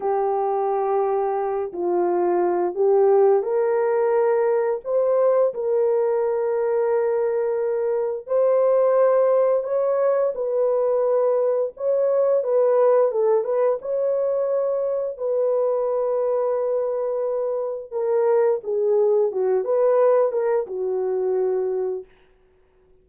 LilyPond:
\new Staff \with { instrumentName = "horn" } { \time 4/4 \tempo 4 = 87 g'2~ g'8 f'4. | g'4 ais'2 c''4 | ais'1 | c''2 cis''4 b'4~ |
b'4 cis''4 b'4 a'8 b'8 | cis''2 b'2~ | b'2 ais'4 gis'4 | fis'8 b'4 ais'8 fis'2 | }